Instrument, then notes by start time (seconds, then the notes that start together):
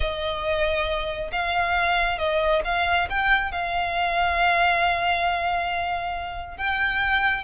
violin
0.00 D#5
1.32 F5
2.18 D#5
2.64 F5
3.09 G5
3.51 F5
6.57 G5